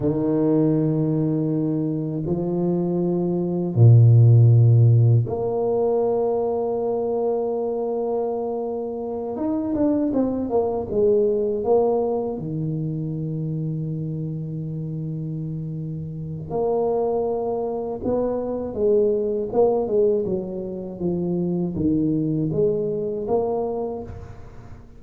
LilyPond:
\new Staff \with { instrumentName = "tuba" } { \time 4/4 \tempo 4 = 80 dis2. f4~ | f4 ais,2 ais4~ | ais1~ | ais8 dis'8 d'8 c'8 ais8 gis4 ais8~ |
ais8 dis2.~ dis8~ | dis2 ais2 | b4 gis4 ais8 gis8 fis4 | f4 dis4 gis4 ais4 | }